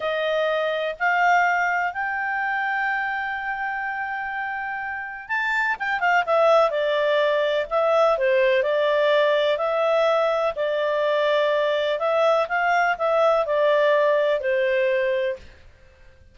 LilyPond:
\new Staff \with { instrumentName = "clarinet" } { \time 4/4 \tempo 4 = 125 dis''2 f''2 | g''1~ | g''2. a''4 | g''8 f''8 e''4 d''2 |
e''4 c''4 d''2 | e''2 d''2~ | d''4 e''4 f''4 e''4 | d''2 c''2 | }